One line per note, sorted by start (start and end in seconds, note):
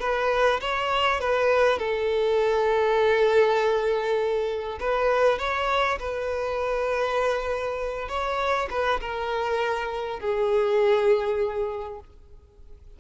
0.00 0.60 B4
0.61 1.20 C#5
1.20 1.78 B4
1.78 4.78 A4
4.80 5.39 B4
5.39 5.99 C#5
5.99 8.09 B4
8.09 8.69 C#5
8.70 9.00 B4
9.01 10.20 A#4
10.20 12.00 G#4